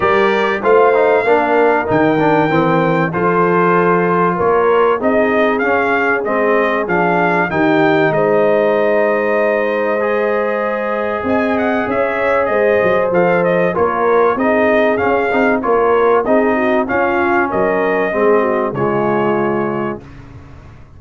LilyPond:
<<
  \new Staff \with { instrumentName = "trumpet" } { \time 4/4 \tempo 4 = 96 d''4 f''2 g''4~ | g''4 c''2 cis''4 | dis''4 f''4 dis''4 f''4 | g''4 dis''2.~ |
dis''2 gis''8 fis''8 e''4 | dis''4 f''8 dis''8 cis''4 dis''4 | f''4 cis''4 dis''4 f''4 | dis''2 cis''2 | }
  \new Staff \with { instrumentName = "horn" } { \time 4/4 ais'4 c''4 ais'2~ | ais'4 a'2 ais'4 | gis'1 | g'4 c''2.~ |
c''2 dis''4 cis''4 | c''2 ais'4 gis'4~ | gis'4 ais'4 gis'8 fis'8 f'4 | ais'4 gis'8 fis'8 f'2 | }
  \new Staff \with { instrumentName = "trombone" } { \time 4/4 g'4 f'8 dis'8 d'4 dis'8 d'8 | c'4 f'2. | dis'4 cis'4 c'4 d'4 | dis'1 |
gis'1~ | gis'4 a'4 f'4 dis'4 | cis'8 dis'8 f'4 dis'4 cis'4~ | cis'4 c'4 gis2 | }
  \new Staff \with { instrumentName = "tuba" } { \time 4/4 g4 a4 ais4 dis4 | e4 f2 ais4 | c'4 cis'4 gis4 f4 | dis4 gis2.~ |
gis2 c'4 cis'4 | gis8 fis8 f4 ais4 c'4 | cis'8 c'8 ais4 c'4 cis'4 | fis4 gis4 cis2 | }
>>